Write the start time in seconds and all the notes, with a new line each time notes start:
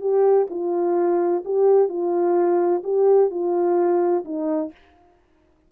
0.00 G4
0.50 F4
1.44 G4
1.88 F4
2.83 G4
3.30 F4
4.24 D#4